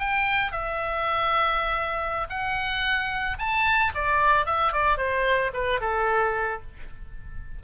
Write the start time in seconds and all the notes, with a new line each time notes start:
0.00 G5
0.52 E5
2.30 F#5
3.39 A5
3.95 D5
4.46 E5
4.73 D5
4.98 C5
5.54 B4
5.81 A4